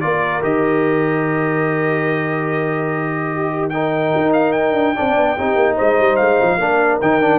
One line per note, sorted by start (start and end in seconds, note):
0.00 0.43 A#3
0.00 0.41 F4
0.00 3.31 A#4
0.00 0.41 D5
0.41 4.13 D#3
0.41 3.70 G4
0.41 3.69 D#5
3.31 3.72 G4
3.69 4.95 D#4
3.69 4.95 A#4
3.69 4.31 G5
4.17 4.74 D#4
4.33 4.52 F5
4.52 5.75 G5
4.74 4.95 D4
4.95 5.16 C4
4.95 5.36 D4
4.95 5.36 D5
5.16 5.37 B3
5.37 5.55 C4
5.37 6.60 D#4
5.37 5.75 G4
5.55 5.76 A#3
5.75 5.99 G#3
5.75 6.57 C5
5.75 6.16 D#5
5.99 6.19 G3
6.16 6.40 G#3
6.16 6.98 F5
6.41 6.57 F3
6.57 6.98 A#3
6.57 7.01 D4
6.57 7.39 A#4
7.01 7.39 D#3
7.01 7.21 D#4
7.01 7.39 G5
7.21 7.39 D4